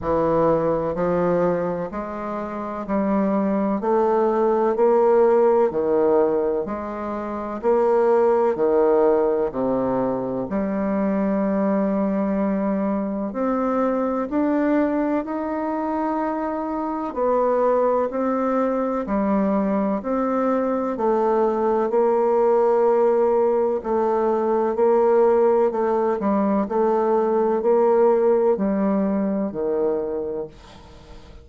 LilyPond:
\new Staff \with { instrumentName = "bassoon" } { \time 4/4 \tempo 4 = 63 e4 f4 gis4 g4 | a4 ais4 dis4 gis4 | ais4 dis4 c4 g4~ | g2 c'4 d'4 |
dis'2 b4 c'4 | g4 c'4 a4 ais4~ | ais4 a4 ais4 a8 g8 | a4 ais4 g4 dis4 | }